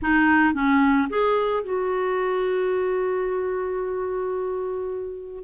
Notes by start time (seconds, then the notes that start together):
0.02 D#4
0.53 C#4
1.09 G#4
1.63 F#4